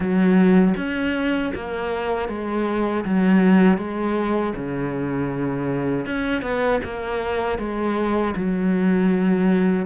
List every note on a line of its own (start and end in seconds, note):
0.00 0.74 F#3
0.76 1.52 C#4
1.54 2.28 A#3
2.28 3.04 G#3
3.04 3.77 F#3
3.77 4.53 G#3
4.55 6.06 C#3
6.06 6.42 C#4
6.42 6.80 B3
6.84 7.58 A#3
7.58 8.34 G#3
8.35 9.86 F#3